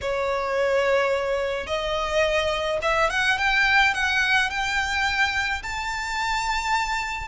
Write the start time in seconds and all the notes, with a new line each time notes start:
0.01 C#5
1.66 D#5
2.81 E5
3.09 F#5
3.38 G5
3.94 F#5
4.50 G5
5.63 A5